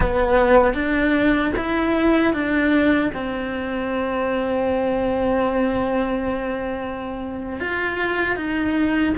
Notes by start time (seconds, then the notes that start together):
0.00 B3
0.74 D4
1.56 E4
2.33 D4
3.13 C4
7.60 F4
8.36 D#4